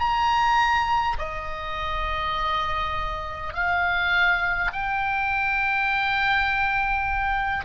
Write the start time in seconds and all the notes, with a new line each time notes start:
0.00 A#5
1.19 D#5
3.53 F5
4.73 G5